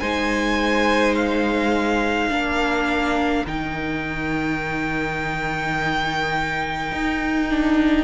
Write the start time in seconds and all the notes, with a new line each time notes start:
0.00 G#3 D#4 C5 G#5
1.15 F5
2.30 A#3 D4 A#4
3.46 D#3 D#4 G5
6.92 D#4
7.49 D4